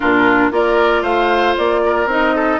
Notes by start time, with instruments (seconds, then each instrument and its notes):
0.00 bassoon A#2, clarinet D4, oboe F4, flute A#4
0.51 bassoon A#3, clarinet F4, oboe A#4, flute D5
1.02 bassoon A3, oboe C5, flute F5
1.57 bassoon A#3, flute D5
1.85 oboe A#4
2.06 bassoon C4, clarinet D#4, flute D#5
2.35 oboe A4